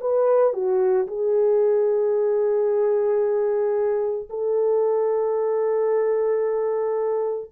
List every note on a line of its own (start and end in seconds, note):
0.00 0.53 B4
0.53 1.07 F#4
1.07 4.28 G#4
4.29 7.50 A4